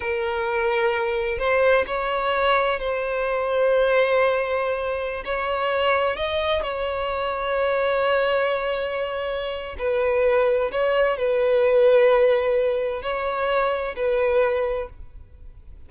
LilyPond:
\new Staff \with { instrumentName = "violin" } { \time 4/4 \tempo 4 = 129 ais'2. c''4 | cis''2 c''2~ | c''2.~ c''16 cis''8.~ | cis''4~ cis''16 dis''4 cis''4.~ cis''16~ |
cis''1~ | cis''4 b'2 cis''4 | b'1 | cis''2 b'2 | }